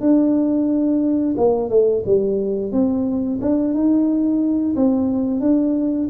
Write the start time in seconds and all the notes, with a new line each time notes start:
0.00 D4
1.37 A#3
1.69 A3
2.05 G3
2.72 C4
3.41 D4
3.74 D#4
4.76 C4
5.40 D4